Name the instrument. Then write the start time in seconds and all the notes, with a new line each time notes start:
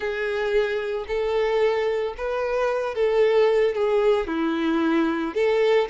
violin
0.00 G#4
1.07 A4
2.17 B4
2.94 A4
3.74 G#4
4.27 E4
5.34 A4